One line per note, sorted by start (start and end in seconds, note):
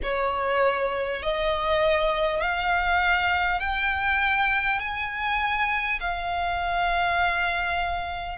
0.03 1.22 C#5
1.22 2.41 D#5
2.41 3.60 F5
3.60 4.79 G5
4.79 5.99 G#5
6.00 8.38 F5